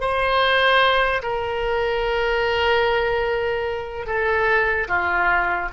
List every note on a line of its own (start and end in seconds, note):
0.00 1.22 C5
1.22 4.06 A#4
4.06 4.87 A4
4.88 5.69 F4